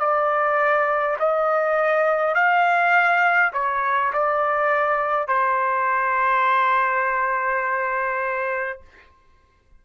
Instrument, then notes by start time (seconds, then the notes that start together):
trumpet
0.00 D5
1.20 D#5
2.35 F5
3.53 C#5
4.13 D5
5.28 C5